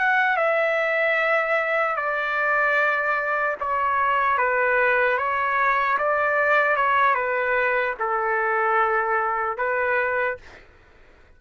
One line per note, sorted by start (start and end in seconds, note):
0.00 0.37 F#5
0.37 1.96 E5
1.96 3.56 D5
3.60 4.38 C#5
4.38 5.18 B4
5.18 5.98 C#5
5.99 6.77 D5
6.77 7.15 C#5
7.15 7.95 B4
8.00 9.58 A4
9.58 10.38 B4